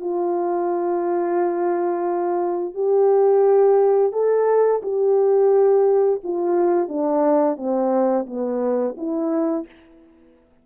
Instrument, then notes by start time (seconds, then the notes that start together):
horn
0.00 F4
2.74 G4
4.12 A4
4.82 G4
6.23 F4
6.88 D4
7.56 C4
8.26 B3
8.97 E4